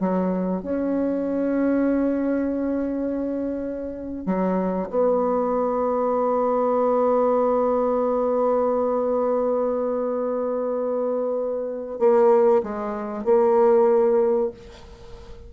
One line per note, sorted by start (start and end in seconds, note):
0.00 0.63 F#3
0.63 4.26 C#4
4.26 4.89 F#3
4.90 11.99 B3
11.99 12.63 A#3
12.63 13.25 G#3
13.25 14.51 A#3